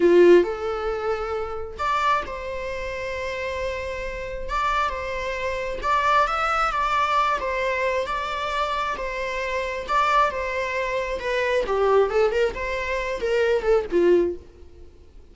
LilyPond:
\new Staff \with { instrumentName = "viola" } { \time 4/4 \tempo 4 = 134 f'4 a'2. | d''4 c''2.~ | c''2 d''4 c''4~ | c''4 d''4 e''4 d''4~ |
d''8 c''4. d''2 | c''2 d''4 c''4~ | c''4 b'4 g'4 a'8 ais'8 | c''4. ais'4 a'8 f'4 | }